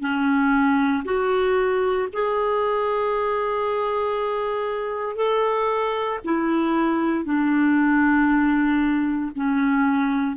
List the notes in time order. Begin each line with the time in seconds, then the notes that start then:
0.00 C#4
1.04 F#4
2.13 G#4
5.16 A4
6.24 E4
7.24 D4
9.35 C#4